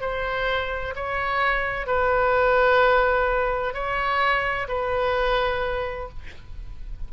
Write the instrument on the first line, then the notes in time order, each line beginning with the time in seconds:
oboe
0.00 C5
0.95 C#5
1.86 B4
3.73 C#5
4.68 B4